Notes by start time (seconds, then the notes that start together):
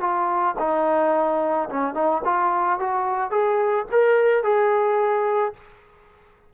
0.00 F4
0.59 D#4
1.69 C#4
1.94 D#4
2.25 F4
2.79 F#4
3.30 G#4
3.91 A#4
4.43 G#4